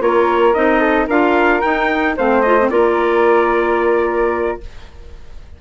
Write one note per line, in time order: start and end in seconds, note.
0.00 0.54 A#3
0.00 0.53 F4
0.00 0.79 A#4
0.00 0.53 C#5
0.53 1.07 C4
0.53 1.08 D#4
0.53 1.07 D#5
0.79 1.06 A4
1.07 1.61 D4
1.07 1.62 F4
1.07 2.15 A#4
1.07 1.61 F5
1.61 2.16 D#4
1.61 2.18 D#4
1.61 2.15 G5
2.16 2.70 A3
2.16 2.44 C4
2.16 2.70 C5
2.16 2.41 F5
2.41 2.59 F4
2.41 2.68 D#5
2.60 2.71 C4
2.69 4.59 A#3
2.69 4.60 F4
2.69 4.61 A#4
2.69 4.59 D5